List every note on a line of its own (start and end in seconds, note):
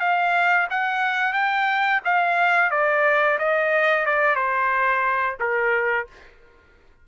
0.00 0.67 F5
0.70 1.33 F#5
1.33 2.00 G5
2.05 2.71 F5
2.71 3.38 D5
3.39 4.06 D#5
4.06 4.35 D5
4.35 5.37 C5
5.40 6.07 A#4